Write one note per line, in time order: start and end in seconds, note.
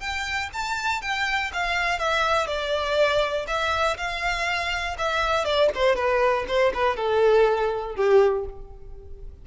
0.00 0.50 G5
0.53 1.02 A5
1.02 1.51 G5
1.53 1.99 F5
1.99 2.47 E5
2.47 3.46 D5
3.47 3.97 E5
3.97 4.97 F5
4.98 5.45 E5
5.45 5.70 D5
5.75 5.96 C5
5.96 6.46 B4
6.48 6.73 C5
6.74 6.97 B4
6.97 7.96 A4
7.96 8.45 G4